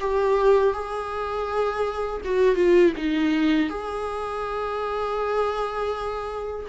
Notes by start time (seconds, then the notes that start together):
0.00 G4
0.73 G#4
2.24 F#4
2.55 F4
2.96 D#4
3.69 G#4